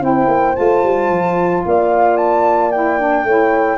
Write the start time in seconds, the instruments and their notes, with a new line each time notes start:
0.00 tuba C4, saxophone E4, horn C5, flute G5
0.27 tuba A#3
0.55 tuba A3, saxophone F4, flute A5
0.84 tuba G3
1.10 tuba F3
1.65 tuba A#3, horn D5, flute F5
2.17 flute A5
2.71 saxophone E4, flute G5
2.99 saxophone D4
3.24 tuba A3, saxophone E4, horn C#5